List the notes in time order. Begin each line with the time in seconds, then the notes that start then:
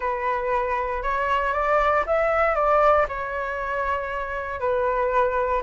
0.00 B4
1.03 C#5
1.53 D5
2.06 E5
2.55 D5
3.08 C#5
4.60 B4